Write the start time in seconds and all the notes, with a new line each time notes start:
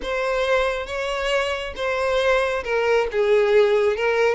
0.02 C5
0.86 C#5
1.76 C5
2.64 A#4
3.11 G#4
3.96 A#4